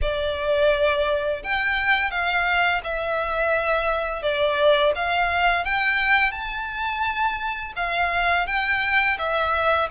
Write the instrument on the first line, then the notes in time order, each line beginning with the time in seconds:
violin
0.01 D5
1.43 G5
2.10 F5
2.83 E5
4.22 D5
4.95 F5
5.65 G5
6.31 A5
7.76 F5
8.46 G5
9.18 E5